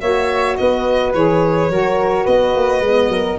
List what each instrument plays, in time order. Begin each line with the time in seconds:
0.00 tuba A#3, saxophone F#4, flute C#5, violin E5
0.56 tuba B3, flute B4, violin D#5
1.14 tuba E3, saxophone G#4, violin C#5
1.69 tuba F#3, saxophone F#4, flute A#4
2.23 tuba B3, flute B4, violin D#5
2.55 tuba A#3
2.80 tuba G#3, saxophone B3
3.08 tuba F#3, flute A#4